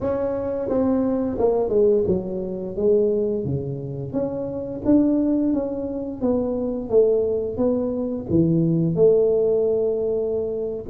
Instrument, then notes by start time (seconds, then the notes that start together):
tuba
0.01 C#4
0.68 C4
1.39 A#3
1.69 G#3
2.07 F#3
2.76 G#3
3.45 C#3
4.12 C#4
4.85 D4
5.53 C#4
6.21 B3
6.89 A3
7.57 B3
8.29 E3
8.95 A3